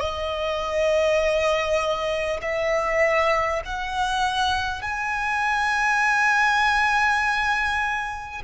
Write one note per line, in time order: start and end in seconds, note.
0.00 2.40 D#5
2.42 3.62 E5
3.65 4.82 F#5
4.82 8.42 G#5